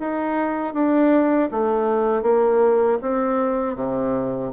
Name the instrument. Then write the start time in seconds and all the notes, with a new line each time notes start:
bassoon
0.00 D#4
0.74 D4
1.51 A3
2.23 A#3
3.02 C4
3.76 C3